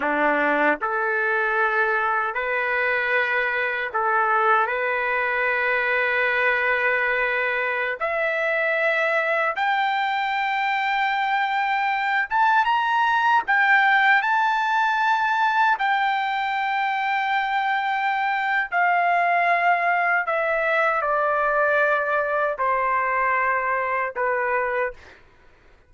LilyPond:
\new Staff \with { instrumentName = "trumpet" } { \time 4/4 \tempo 4 = 77 d'4 a'2 b'4~ | b'4 a'4 b'2~ | b'2~ b'16 e''4.~ e''16~ | e''16 g''2.~ g''8 a''16~ |
a''16 ais''4 g''4 a''4.~ a''16~ | a''16 g''2.~ g''8. | f''2 e''4 d''4~ | d''4 c''2 b'4 | }